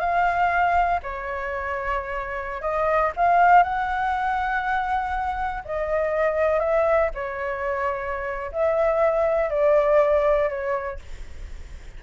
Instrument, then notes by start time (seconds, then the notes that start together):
flute
0.00 F5
1.02 C#5
2.62 D#5
3.16 F5
3.63 F#5
5.65 D#5
6.60 E5
7.14 C#5
8.52 E5
9.50 D5
10.49 C#5